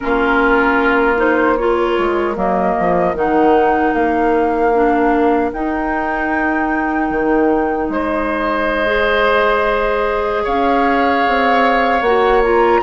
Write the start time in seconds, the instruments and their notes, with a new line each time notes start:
0.00 bassoon A#3, clarinet C#4, oboe F4, flute A#4
1.16 clarinet D#4, flute C5
1.57 clarinet F4, oboe A#4, flute C#5
1.98 bassoon G#3
2.35 bassoon F#3, clarinet A#3, flute D#5
2.79 bassoon F3
3.14 bassoon D#3, clarinet D#4, flute F#5
3.93 bassoon A#3, flute F5
4.74 clarinet D4
5.52 bassoon D#4, clarinet D#4, flute G5
7.10 bassoon D#3
7.88 bassoon G#3, oboe C5, flute D#5
8.86 clarinet G#4
10.43 bassoon C#4, oboe C#5, flute F5
11.27 bassoon C4
12.01 bassoon A#3, clarinet F#4, flute F#5
12.43 clarinet F4, flute A#5